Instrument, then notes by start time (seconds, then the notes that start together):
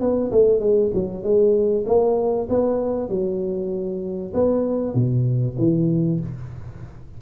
tuba
0.00 B3
0.31 A3
0.60 G#3
0.94 F#3
1.23 G#3
1.86 A#3
2.49 B3
3.09 F#3
4.34 B3
4.94 B2
5.58 E3